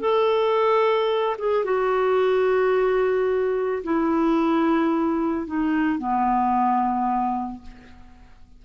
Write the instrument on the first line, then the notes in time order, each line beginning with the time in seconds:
clarinet
0.00 A4
1.38 G#4
1.64 F#4
3.83 E4
5.46 D#4
5.98 B3